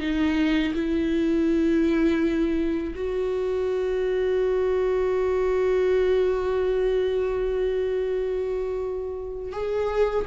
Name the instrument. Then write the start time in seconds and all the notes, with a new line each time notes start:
viola
0.00 D#4
0.74 E4
2.95 F#4
9.52 G#4